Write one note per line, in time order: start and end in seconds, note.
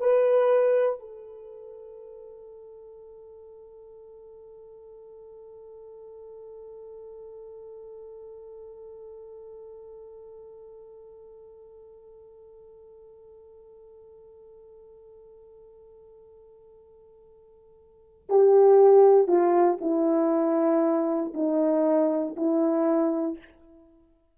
0.00 1.00 B4
1.00 18.29 A4
18.29 19.28 G4
19.28 19.78 F4
19.81 21.33 E4
21.34 22.36 D#4
22.36 23.38 E4